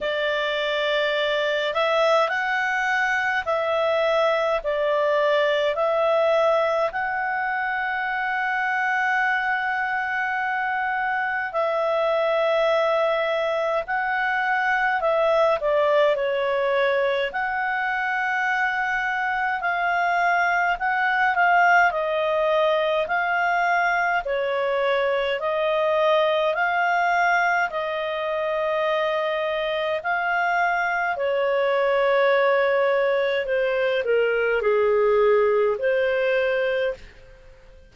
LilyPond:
\new Staff \with { instrumentName = "clarinet" } { \time 4/4 \tempo 4 = 52 d''4. e''8 fis''4 e''4 | d''4 e''4 fis''2~ | fis''2 e''2 | fis''4 e''8 d''8 cis''4 fis''4~ |
fis''4 f''4 fis''8 f''8 dis''4 | f''4 cis''4 dis''4 f''4 | dis''2 f''4 cis''4~ | cis''4 c''8 ais'8 gis'4 c''4 | }